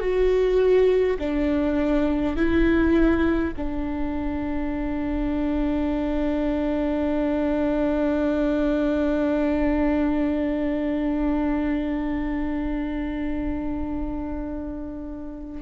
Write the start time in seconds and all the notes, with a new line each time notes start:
0.00 F#4
1.19 D4
2.36 E4
3.57 D4